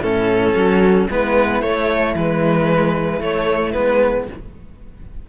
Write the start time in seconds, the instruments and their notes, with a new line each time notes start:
0.00 cello A2 C#4, horn E4, violin A4
0.55 cello F#3, horn F#4
1.10 cello G#3 B3, horn E4, violin B4
1.62 cello A3, violin C#5
2.15 cello E3 G#3, violin B4
3.21 cello A3, violin C#5
3.72 cello G#3 B3, violin B4